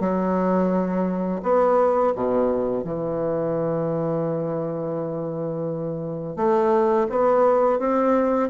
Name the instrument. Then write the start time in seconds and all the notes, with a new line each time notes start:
bassoon
0.00 F#3
1.42 B3
2.15 B2
2.84 E3
6.36 A3
7.09 B3
7.79 C4